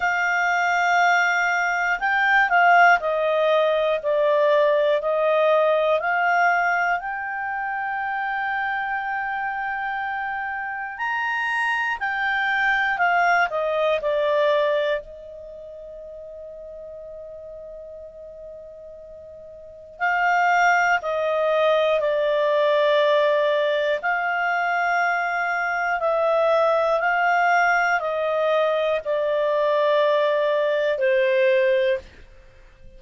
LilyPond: \new Staff \with { instrumentName = "clarinet" } { \time 4/4 \tempo 4 = 60 f''2 g''8 f''8 dis''4 | d''4 dis''4 f''4 g''4~ | g''2. ais''4 | g''4 f''8 dis''8 d''4 dis''4~ |
dis''1 | f''4 dis''4 d''2 | f''2 e''4 f''4 | dis''4 d''2 c''4 | }